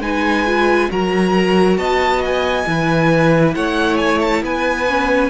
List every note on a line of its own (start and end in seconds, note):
0.00 0.88 G#3
0.00 0.47 D#4
0.00 0.90 B4
0.00 0.90 G#5
0.47 0.90 F4
0.90 1.78 F#3
0.90 2.66 F#4
0.90 1.79 A#4
0.90 1.78 A#5
1.78 2.66 B3
1.78 2.67 D#5
1.78 2.22 A5
2.26 3.55 G#5
2.66 3.55 E3
2.66 4.87 E4
2.66 3.55 B4
3.55 4.43 A3
3.55 4.44 C#5
3.55 3.97 F#5
3.97 4.19 G#5
4.21 4.43 A5
4.43 5.30 B3
4.43 5.30 B4
4.43 5.30 G#5
4.89 5.30 C#4